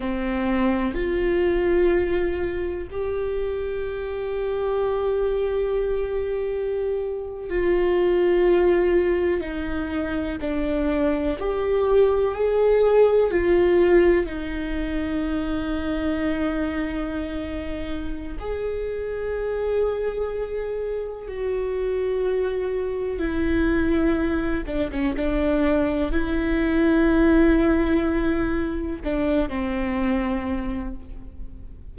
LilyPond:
\new Staff \with { instrumentName = "viola" } { \time 4/4 \tempo 4 = 62 c'4 f'2 g'4~ | g'2.~ g'8. f'16~ | f'4.~ f'16 dis'4 d'4 g'16~ | g'8. gis'4 f'4 dis'4~ dis'16~ |
dis'2. gis'4~ | gis'2 fis'2 | e'4. d'16 cis'16 d'4 e'4~ | e'2 d'8 c'4. | }